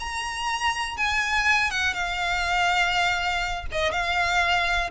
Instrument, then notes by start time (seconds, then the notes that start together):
violin
0.00 A#5
0.97 G#5
1.71 F#5
1.94 F5
3.72 D#5
3.92 F5